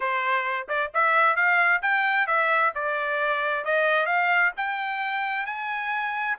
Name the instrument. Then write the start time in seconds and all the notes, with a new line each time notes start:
trumpet
0.00 C5
0.68 D5
0.94 E5
1.35 F5
1.82 G5
2.26 E5
2.74 D5
3.64 D#5
4.06 F5
4.56 G5
5.46 G#5